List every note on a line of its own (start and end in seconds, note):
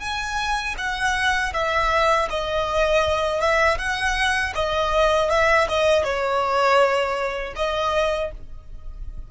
0.00 0.75 G#5
0.78 1.53 F#5
1.53 2.28 E5
2.30 3.41 D#5
3.41 3.78 E5
3.78 4.53 F#5
4.55 5.30 D#5
5.30 5.68 E5
5.69 6.04 D#5
6.04 7.54 C#5
7.56 8.31 D#5